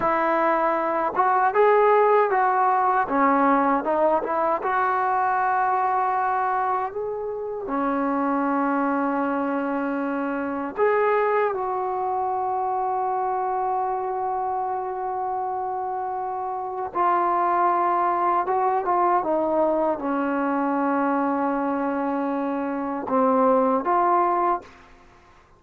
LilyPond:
\new Staff \with { instrumentName = "trombone" } { \time 4/4 \tempo 4 = 78 e'4. fis'8 gis'4 fis'4 | cis'4 dis'8 e'8 fis'2~ | fis'4 gis'4 cis'2~ | cis'2 gis'4 fis'4~ |
fis'1~ | fis'2 f'2 | fis'8 f'8 dis'4 cis'2~ | cis'2 c'4 f'4 | }